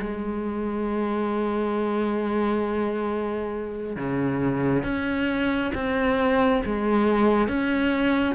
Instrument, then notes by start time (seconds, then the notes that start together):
cello
0.00 G#3
3.97 C#3
4.84 C#4
5.74 C4
6.65 G#3
7.48 C#4